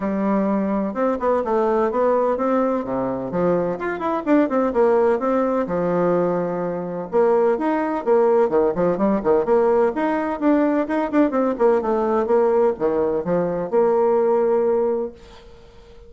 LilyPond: \new Staff \with { instrumentName = "bassoon" } { \time 4/4 \tempo 4 = 127 g2 c'8 b8 a4 | b4 c'4 c4 f4 | f'8 e'8 d'8 c'8 ais4 c'4 | f2. ais4 |
dis'4 ais4 dis8 f8 g8 dis8 | ais4 dis'4 d'4 dis'8 d'8 | c'8 ais8 a4 ais4 dis4 | f4 ais2. | }